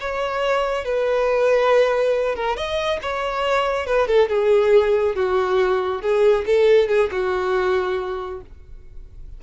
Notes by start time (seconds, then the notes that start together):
0.00 C#5
0.85 B4
2.35 A#4
2.56 D#5
3.02 C#5
3.86 B4
4.07 A4
4.29 G#4
5.15 F#4
6.02 G#4
6.46 A4
6.88 G#4
7.11 F#4